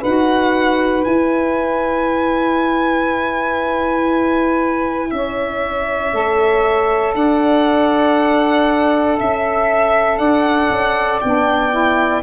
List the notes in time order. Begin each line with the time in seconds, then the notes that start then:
0.00 D#4 F#4 B4 F#5
1.04 E4 G#5
5.11 C#4 C#5 E5
6.13 A3 A4
7.14 D4 D5 F#5
9.18 C#4 E5
10.18 D4 D5 F#5
10.70 C#4
11.20 B3 D4 G5
11.72 E4